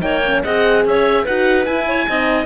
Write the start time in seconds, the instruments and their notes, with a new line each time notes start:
0.00 cello A#3, horn D#4, clarinet C#5, oboe G5
0.26 horn C#4
0.43 cello C4, horn G#4, clarinet D#5, oboe F#5
0.85 cello C#4, clarinet C#5, oboe E5
1.24 cello D#4, horn F#4, clarinet B4, oboe F#5
1.66 horn E4, cello E4, oboe G#5
1.88 clarinet C#5
2.07 cello C4, horn D#4, clarinet D#5